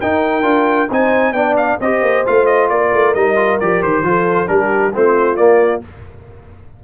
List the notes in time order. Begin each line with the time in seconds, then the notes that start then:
0.00 D#4 A#4 G5
0.42 D4 F4
0.90 C4 D#4 C5 G#5
1.32 B3 D4 D5 G5
1.57 F5
1.80 C4 G4 C5 D#5
2.02 A#3
2.26 A3 F4 F5
2.46 D#5
2.69 A#3 A#4 D5
2.93 A3
3.14 G3 D#4 D#5
3.36 F4
3.60 F3 G4 D5
3.82 D#3 C5
4.02 F3 F4 A4
4.47 G3 D4 G4 A#4
4.93 A3 C4 F4 C5
5.36 A#3 D5